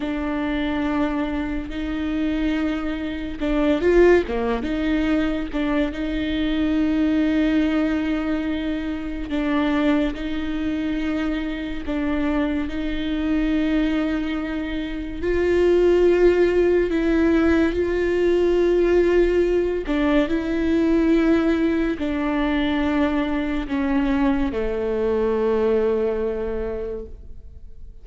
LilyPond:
\new Staff \with { instrumentName = "viola" } { \time 4/4 \tempo 4 = 71 d'2 dis'2 | d'8 f'8 ais8 dis'4 d'8 dis'4~ | dis'2. d'4 | dis'2 d'4 dis'4~ |
dis'2 f'2 | e'4 f'2~ f'8 d'8 | e'2 d'2 | cis'4 a2. | }